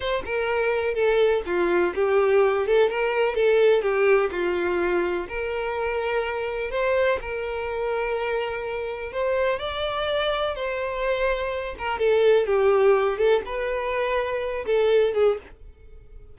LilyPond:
\new Staff \with { instrumentName = "violin" } { \time 4/4 \tempo 4 = 125 c''8 ais'4. a'4 f'4 | g'4. a'8 ais'4 a'4 | g'4 f'2 ais'4~ | ais'2 c''4 ais'4~ |
ais'2. c''4 | d''2 c''2~ | c''8 ais'8 a'4 g'4. a'8 | b'2~ b'8 a'4 gis'8 | }